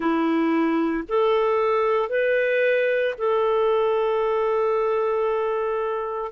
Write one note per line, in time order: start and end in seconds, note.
0.00 1.03 E4
1.08 2.09 A4
2.09 3.14 B4
3.18 6.32 A4